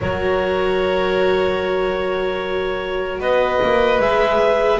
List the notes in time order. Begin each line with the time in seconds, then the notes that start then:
0.01 F#3 F#4 A#4 C#5
3.20 B3 B4 D#5
3.62 A#3
3.99 G#3 G#4 E5